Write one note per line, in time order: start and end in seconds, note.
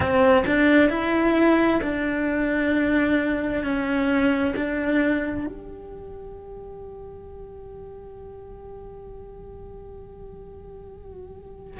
0.00 0.44 C4
0.46 0.89 D4
0.89 1.80 E4
1.82 3.63 D4
3.63 4.54 C#4
4.56 5.46 D4
5.46 11.79 G4